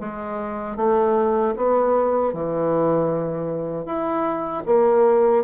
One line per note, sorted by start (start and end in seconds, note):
0.00 0.76 G#3
0.76 1.54 A3
1.56 2.33 B3
2.33 3.85 E3
3.85 4.63 E4
4.66 5.44 A#3